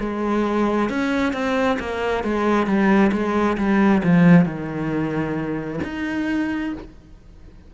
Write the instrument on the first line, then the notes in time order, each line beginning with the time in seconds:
cello
0.00 G#3
0.90 C#4
1.33 C4
1.80 A#3
2.24 G#3
2.67 G3
3.13 G#3
3.57 G3
4.04 F3
4.46 D#3
5.84 D#4